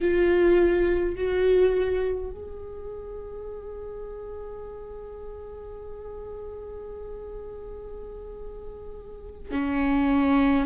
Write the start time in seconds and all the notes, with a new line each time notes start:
0.01 F4
1.15 F#4
2.31 G#4
9.51 C#4